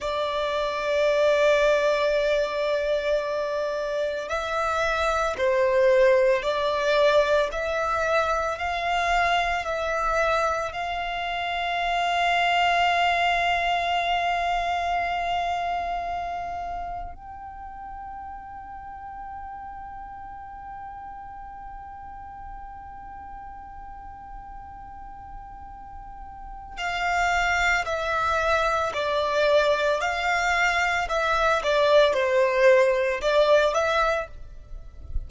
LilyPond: \new Staff \with { instrumentName = "violin" } { \time 4/4 \tempo 4 = 56 d''1 | e''4 c''4 d''4 e''4 | f''4 e''4 f''2~ | f''1 |
g''1~ | g''1~ | g''4 f''4 e''4 d''4 | f''4 e''8 d''8 c''4 d''8 e''8 | }